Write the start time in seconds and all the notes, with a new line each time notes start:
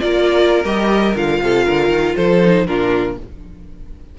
0.00 A#3 F4 A#4 D5
0.64 G3 G4 D#5
1.15 D3 F4 F5
1.42 C3 A4
1.65 D3 A#4
1.89 D#3
2.16 F3 A4 C5
2.43 D#4
2.67 A#2 D4 F4 A#4